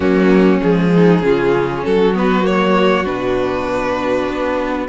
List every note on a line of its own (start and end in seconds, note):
0.00 0.60 F#3
0.00 0.61 A#3
0.00 0.90 C#4
0.00 0.59 F#4
0.61 1.22 F3
0.61 1.22 G#3
0.61 1.84 G#4
0.95 1.24 D#4
1.22 1.83 C#3
1.22 2.14 C#4
1.22 1.85 F4
1.84 3.06 F#3
1.84 4.88 F#4
1.84 2.14 A4
2.14 2.42 B3
2.14 2.46 B4
2.42 3.03 A#3
2.42 3.05 C#5
3.04 4.28 B2
3.04 4.88 D4
3.04 4.88 B4
4.28 4.88 B3